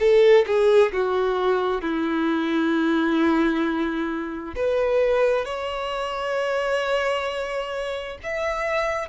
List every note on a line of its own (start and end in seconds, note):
0.00 0.45 A4
0.47 0.92 G#4
0.93 1.82 F#4
1.82 4.55 E4
4.56 5.45 B4
5.45 8.18 C#5
8.24 9.09 E5